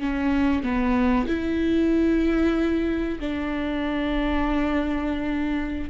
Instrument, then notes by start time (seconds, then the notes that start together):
viola
0.00 C#4
0.63 B3
1.28 E4
3.20 D4